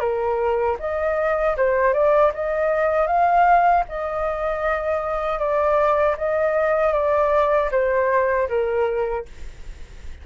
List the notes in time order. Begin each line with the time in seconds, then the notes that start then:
0.00 A#4
0.79 D#5
1.57 C5
1.94 D5
2.34 D#5
3.07 F5
3.89 D#5
5.39 D5
6.17 D#5
6.93 D5
7.72 C5
8.49 A#4